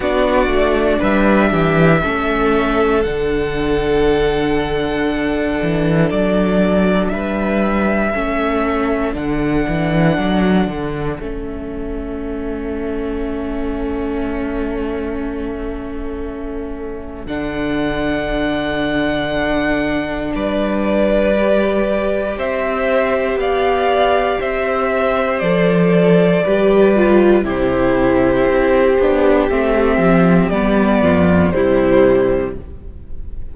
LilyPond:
<<
  \new Staff \with { instrumentName = "violin" } { \time 4/4 \tempo 4 = 59 d''4 e''2 fis''4~ | fis''2 d''4 e''4~ | e''4 fis''2 e''4~ | e''1~ |
e''4 fis''2. | d''2 e''4 f''4 | e''4 d''2 c''4~ | c''4 e''4 d''4 c''4 | }
  \new Staff \with { instrumentName = "violin" } { \time 4/4 fis'4 b'8 g'8 a'2~ | a'2. b'4 | a'1~ | a'1~ |
a'1 | b'2 c''4 d''4 | c''2 b'4 g'4~ | g'2~ g'8 f'8 e'4 | }
  \new Staff \with { instrumentName = "viola" } { \time 4/4 d'2 cis'4 d'4~ | d'1 | cis'4 d'2 cis'4~ | cis'1~ |
cis'4 d'2.~ | d'4 g'2.~ | g'4 a'4 g'8 f'8 e'4~ | e'8 d'8 c'4 b4 g4 | }
  \new Staff \with { instrumentName = "cello" } { \time 4/4 b8 a8 g8 e8 a4 d4~ | d4. e8 fis4 g4 | a4 d8 e8 fis8 d8 a4~ | a1~ |
a4 d2. | g2 c'4 b4 | c'4 f4 g4 c4 | c'8 b8 a8 f8 g8 f,8 c4 | }
>>